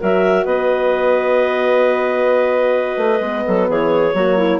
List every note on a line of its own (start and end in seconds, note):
0.00 0.45 F#3
0.00 3.20 F#4
0.00 0.45 A#4
0.00 0.45 E5
0.45 2.97 B3
0.45 3.45 B4
0.45 3.68 D#5
2.97 3.20 A3
3.20 3.43 G#3
3.20 4.13 B3
3.46 3.69 F#3
3.46 3.69 A4
3.69 4.13 E3
3.69 4.15 G#4
3.69 4.59 C#5
4.13 4.59 F#3
4.13 4.59 A#3
4.13 4.37 F#4
4.37 4.59 E4